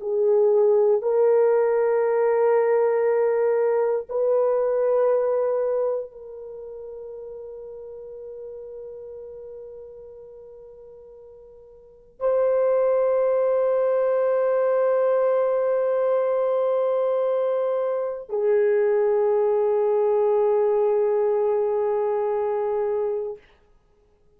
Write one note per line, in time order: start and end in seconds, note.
0.00 1.02 G#4
1.02 4.07 A#4
4.09 6.11 B4
6.11 12.20 A#4
12.20 18.29 C5
18.29 23.38 G#4